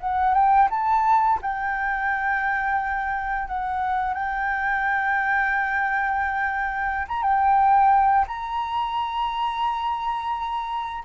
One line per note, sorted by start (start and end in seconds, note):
0.00 0.34 F#5
0.34 0.69 G5
0.71 1.39 A5
1.42 3.48 G5
3.48 4.14 F#5
4.14 7.07 G5
7.08 7.23 A#5
7.23 8.26 G5
8.28 11.03 A#5